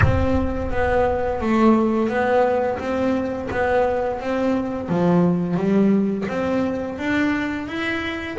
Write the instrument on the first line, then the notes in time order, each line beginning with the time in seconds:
double bass
0.02 C4
0.71 B3
1.40 A3
2.08 B3
2.78 C4
3.50 B3
4.20 C4
4.88 F3
5.56 G3
6.28 C4
6.98 D4
7.67 E4